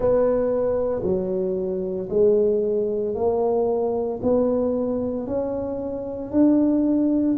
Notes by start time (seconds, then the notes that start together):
0.00 B3
1.02 F#3
2.09 G#3
3.14 A#3
4.22 B3
5.26 C#4
6.32 D4